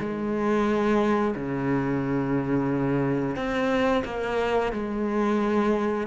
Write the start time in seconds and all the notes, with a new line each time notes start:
0.00 G#3
1.35 C#3
3.36 C4
4.05 A#3
4.73 G#3